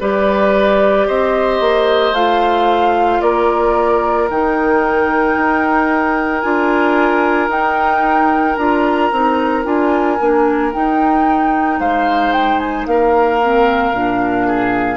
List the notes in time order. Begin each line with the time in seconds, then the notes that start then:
0.00 G3 G4 B4 D5
1.07 C4 C5 D#5
1.60 A#3
2.12 A3 F4 F5
3.21 A#3 A#4 D5
4.29 D#3 D#4 G5
5.35 D#4
6.41 D4 F4 G#5
7.48 D#4 G5
8.56 D4 F4 A#5
9.11 C4 D#4
9.63 D4 F4 G#5
10.20 A#3 D4
10.72 D#4 G5
11.79 G#3 C5 F5
12.32 G5
12.59 G#5
12.86 A#3 A#4 F5
13.41 C4
13.92 A#2 D4
14.47 G#4